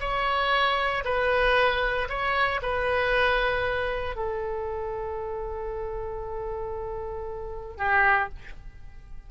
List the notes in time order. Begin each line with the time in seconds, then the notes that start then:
0.00 C#5
1.04 B4
2.09 C#5
2.62 B4
4.15 A4
7.77 G4